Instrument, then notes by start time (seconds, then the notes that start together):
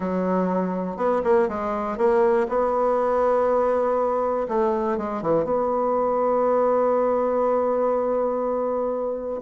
bassoon
0.00 F#3
0.96 B3
1.24 A#3
1.48 G#3
1.97 A#3
2.48 B3
4.48 A3
4.97 G#3
5.22 E3
5.44 B3